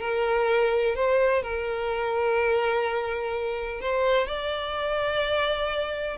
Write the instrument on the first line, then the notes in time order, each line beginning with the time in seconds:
violin
0.00 A#4
0.95 C5
1.42 A#4
3.80 C5
4.27 D5